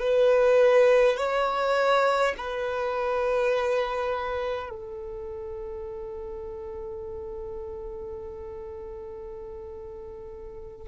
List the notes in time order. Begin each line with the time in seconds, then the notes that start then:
0.00 B4
1.18 C#5
2.37 B4
4.70 A4